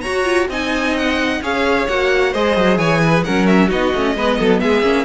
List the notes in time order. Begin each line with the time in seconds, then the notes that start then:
0.00 F#4 C#5 A#5
0.06 F#4
0.25 F4
0.49 C4 D#4 D#5 G#5
0.97 F#5
1.41 C#4 G#4 C#5 F5
1.88 A#3 F#4 F#5
2.32 G#3 G#4 C5 D#5
2.56 F#3
2.77 E3 C#5 G#5
3.02 B4
3.24 F#3 C#4 A#4 F#5
3.47 E5
3.67 B3 D#4 F#4 D#5
3.94 A3 C#4
4.15 G#3 B3 B4
4.38 F#3 A4
4.60 G#3 G#4 E5
4.82 A#3 C#4